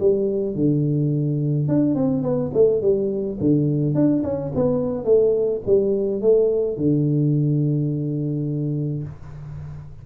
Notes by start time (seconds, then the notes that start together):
0.00 G3
0.55 D3
1.68 D4
1.95 C4
2.23 B3
2.54 A3
2.82 G3
3.40 D3
3.95 D4
4.24 C#4
4.55 B3
5.05 A3
5.67 G3
6.21 A3
6.77 D3